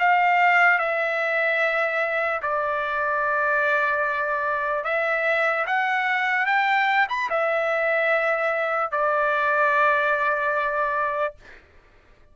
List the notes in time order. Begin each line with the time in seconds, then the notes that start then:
0.00 F5
0.79 E5
2.43 D5
4.85 E5
5.67 F#5
6.47 G5
7.09 B5
7.30 E5
8.92 D5